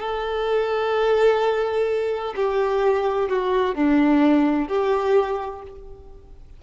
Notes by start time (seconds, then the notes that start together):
0.00 A4
2.36 G4
3.29 F#4
3.75 D4
4.69 G4